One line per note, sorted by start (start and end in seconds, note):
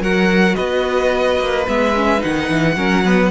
0.00 0.55 F#3
0.00 1.67 F#4
0.00 0.55 A#4
0.00 0.55 F#5
0.55 1.39 B3
0.55 2.75 B4
0.55 1.65 D#5
1.39 1.67 A#3
1.67 2.23 G#3
1.67 1.94 B3
1.67 2.23 E5
1.96 2.19 C#4
2.19 2.50 D#3
2.19 2.74 D#4
2.19 3.31 F#5
2.50 2.76 E3
2.76 3.31 F#3
2.76 3.05 C#4
2.76 3.04 A#4
3.05 3.31 B3
3.05 3.31 B4